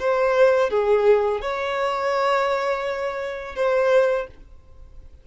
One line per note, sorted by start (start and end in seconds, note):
0.00 0.70 C5
0.70 1.42 G#4
1.42 3.56 C#5
3.56 4.28 C5